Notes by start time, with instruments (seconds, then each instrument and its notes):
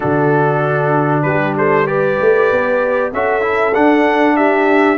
0.00 tuba D3, trombone D4, horn F#4, trumpet A4
1.22 tuba G3, horn G4, trumpet B4
1.57 horn A4, trumpet C5
1.86 trombone G4, horn B4, trumpet D5
2.20 tuba A3
2.51 tuba B3
3.12 tuba C#4, trombone F#4, horn A4, trumpet E5
3.41 trombone E4
3.73 trombone D4, tuba D4, trumpet F#5
4.36 horn G4, trumpet E5